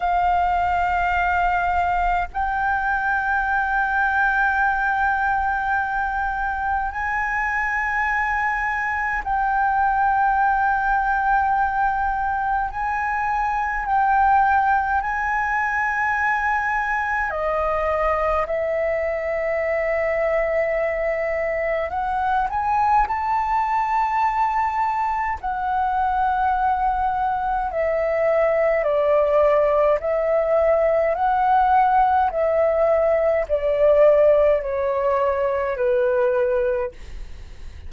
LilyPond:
\new Staff \with { instrumentName = "flute" } { \time 4/4 \tempo 4 = 52 f''2 g''2~ | g''2 gis''2 | g''2. gis''4 | g''4 gis''2 dis''4 |
e''2. fis''8 gis''8 | a''2 fis''2 | e''4 d''4 e''4 fis''4 | e''4 d''4 cis''4 b'4 | }